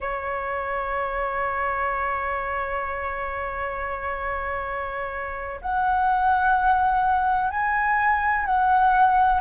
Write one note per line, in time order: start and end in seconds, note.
0.00 5.60 C#5
5.61 7.50 F#5
7.50 8.45 G#5
8.45 9.40 F#5